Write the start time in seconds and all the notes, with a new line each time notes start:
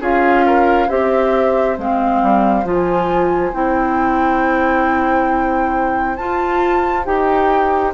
0.00 C#4 F4 G#4 F5
0.46 A#4
0.87 C4 G4 C5 E5
1.78 G#3 C4 F5
2.22 G3
2.64 F3 F4 G#5
3.52 C4 E4 G5
6.16 F4 A5
7.05 D#4 G4 G5